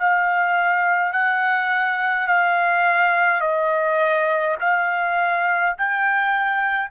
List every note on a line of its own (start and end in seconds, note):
0.00 1.13 F5
1.13 2.28 F#5
2.28 3.41 F5
3.41 4.56 D#5
4.61 5.76 F5
5.78 6.91 G5